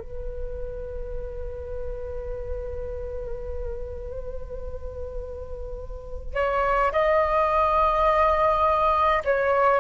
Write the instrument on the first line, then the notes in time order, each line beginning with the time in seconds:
flute
0.00 B4
6.35 C#5
6.92 D#5
9.25 C#5